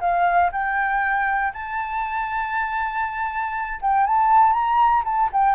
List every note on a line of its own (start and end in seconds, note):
0.00 0.50 F5
0.52 1.53 G5
1.53 3.80 A5
3.81 4.06 G5
4.07 4.52 A5
4.52 5.03 A#5
5.04 5.30 A5
5.32 5.55 G5